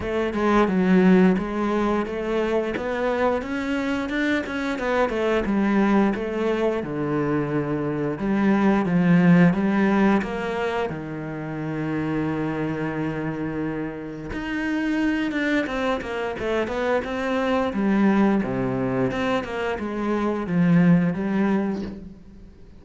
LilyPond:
\new Staff \with { instrumentName = "cello" } { \time 4/4 \tempo 4 = 88 a8 gis8 fis4 gis4 a4 | b4 cis'4 d'8 cis'8 b8 a8 | g4 a4 d2 | g4 f4 g4 ais4 |
dis1~ | dis4 dis'4. d'8 c'8 ais8 | a8 b8 c'4 g4 c4 | c'8 ais8 gis4 f4 g4 | }